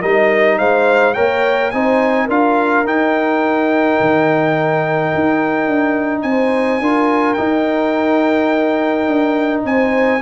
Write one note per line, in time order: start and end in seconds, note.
0.00 0.60 G3
0.00 1.15 D#4
0.00 0.57 A#4
0.00 0.58 D#5
0.58 1.16 G#3
0.58 1.14 C5
0.58 1.14 F5
1.14 1.73 A#3
1.14 1.72 A#4
1.14 1.71 C#5
1.14 1.70 G5
1.70 2.29 C4
1.70 2.29 D#4
1.70 2.25 C5
1.70 2.27 G#5
2.25 2.85 D4
2.25 2.85 F4
2.25 6.21 A#4
2.25 2.86 F5
2.85 3.98 D#4
2.85 6.82 D#4
2.85 6.22 G5
4.00 5.14 D#3
5.14 5.67 D#4
5.67 6.23 D4
6.22 6.80 C4
6.22 6.82 C5
6.22 7.33 G#5
6.80 7.37 D4
6.80 7.37 F4
6.80 9.65 A#4
7.33 10.20 D#4
7.33 9.07 D#4
7.33 9.60 G5
9.07 9.64 D4
9.65 10.21 C4
9.65 10.22 C5
9.65 10.22 G#5